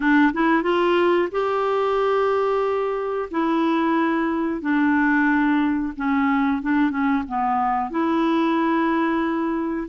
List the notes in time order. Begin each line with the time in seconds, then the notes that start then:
0.00 D4
0.33 E4
0.63 F4
1.31 G4
3.31 E4
4.61 D4
5.96 C#4
6.61 D4
6.90 C#4
7.27 B3
7.90 E4